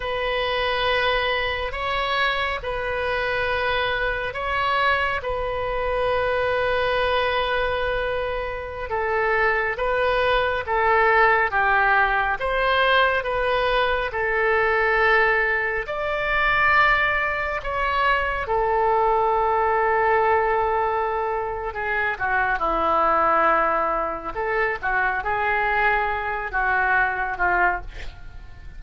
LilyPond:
\new Staff \with { instrumentName = "oboe" } { \time 4/4 \tempo 4 = 69 b'2 cis''4 b'4~ | b'4 cis''4 b'2~ | b'2~ b'16 a'4 b'8.~ | b'16 a'4 g'4 c''4 b'8.~ |
b'16 a'2 d''4.~ d''16~ | d''16 cis''4 a'2~ a'8.~ | a'4 gis'8 fis'8 e'2 | a'8 fis'8 gis'4. fis'4 f'8 | }